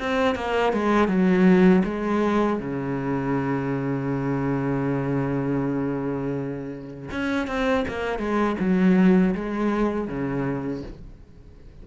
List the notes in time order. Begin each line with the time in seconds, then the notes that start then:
0.00 C4
0.35 A#3
0.73 G#3
1.08 F#3
1.85 G#3
2.60 C#3
7.12 C#4
7.48 C4
7.88 A#3
8.19 G#3
8.60 F#3
9.35 G#3
10.08 C#3